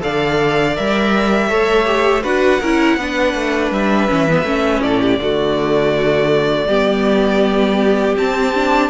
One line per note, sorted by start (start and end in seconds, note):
0.00 0.78 D3
0.00 0.74 A4
0.00 1.48 D5
0.00 0.76 F5
0.76 1.52 G3
0.76 1.49 A#4
0.76 2.23 E5
1.48 2.24 A3
1.48 1.85 A4
1.48 2.23 C#5
1.85 2.22 G4
2.23 2.61 D4
2.23 2.60 F#4
2.23 2.60 B4
2.23 3.72 F#5
2.60 2.97 C#4
2.60 3.00 E4
2.60 2.97 A#4
2.97 3.34 B3
2.97 4.08 D4
2.97 4.83 B4
3.34 3.71 A3
3.71 4.08 G3
3.71 4.82 E5
4.08 4.43 E3
4.08 4.27 C#4
4.29 4.45 B3
4.43 4.80 A3
4.43 5.19 C#4
4.82 5.18 A2
4.82 5.00 A4
4.82 8.16 D5
5.00 5.19 G4
5.18 6.66 D3
5.18 6.69 A3
5.18 6.68 F#4
6.67 8.15 G3
6.67 8.17 B3
6.67 8.90 G4
8.17 8.54 C4
8.17 8.90 C4
8.17 8.90 A5
8.54 8.90 D4